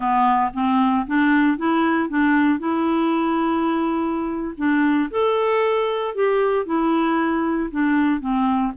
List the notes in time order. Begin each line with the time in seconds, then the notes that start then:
0.00 B3
0.53 C4
1.06 D4
1.57 E4
2.09 D4
2.59 E4
4.57 D4
5.10 A4
6.14 G4
6.65 E4
7.71 D4
8.20 C4